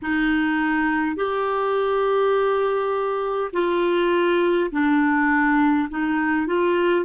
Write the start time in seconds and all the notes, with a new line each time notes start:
0.02 D#4
1.16 G4
3.52 F4
4.71 D4
5.89 D#4
6.47 F4